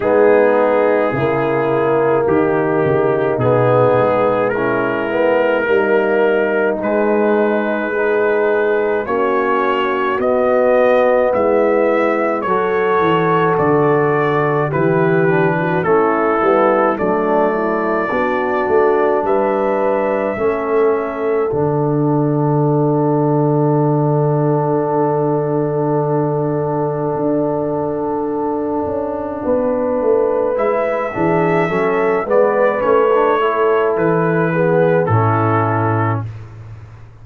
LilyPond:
<<
  \new Staff \with { instrumentName = "trumpet" } { \time 4/4 \tempo 4 = 53 gis'2 g'4 gis'4 | ais'2 b'2 | cis''4 dis''4 e''4 cis''4 | d''4 b'4 a'4 d''4~ |
d''4 e''2 fis''4~ | fis''1~ | fis''2. e''4~ | e''8 d''8 cis''4 b'4 a'4 | }
  \new Staff \with { instrumentName = "horn" } { \time 4/4 dis'4 e'4 dis'2 | e'4 dis'2 gis'4 | fis'2 e'4 a'4~ | a'4 g'8. fis'16 e'4 d'8 e'8 |
fis'4 b'4 a'2~ | a'1~ | a'2 b'4. gis'8 | a'8 b'4 a'4 gis'8 e'4 | }
  \new Staff \with { instrumentName = "trombone" } { \time 4/4 b4 ais2 b4 | cis'8 b8 ais4 gis4 dis'4 | cis'4 b2 fis'4~ | fis'4 e'8 d'8 cis'8 b8 a4 |
d'2 cis'4 d'4~ | d'1~ | d'2. e'8 d'8 | cis'8 b8 cis'16 d'16 e'4 b8 cis'4 | }
  \new Staff \with { instrumentName = "tuba" } { \time 4/4 gis4 cis4 dis8 cis8 b,8 gis8~ | gis4 g4 gis2 | ais4 b4 gis4 fis8 e8 | d4 e4 a8 g8 fis4 |
b8 a8 g4 a4 d4~ | d1 | d'4. cis'8 b8 a8 gis8 e8 | fis8 gis8 a4 e4 a,4 | }
>>